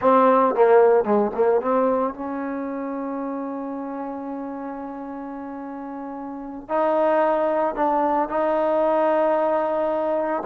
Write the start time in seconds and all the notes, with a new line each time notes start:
0.01 C4
0.54 A#3
1.04 G#3
1.34 A#3
1.61 C4
2.14 C#4
6.68 D#4
7.75 D4
8.28 D#4